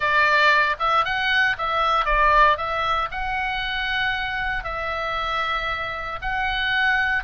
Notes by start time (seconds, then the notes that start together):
0.00 D5
0.79 E5
1.04 F#5
1.58 E5
2.05 D5
2.57 E5
3.11 F#5
4.64 E5
6.21 F#5